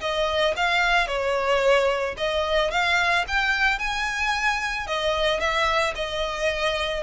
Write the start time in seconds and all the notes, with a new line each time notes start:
0.00 D#5
0.56 F5
1.07 C#5
2.17 D#5
2.71 F5
3.27 G5
3.79 G#5
4.86 D#5
5.40 E5
5.95 D#5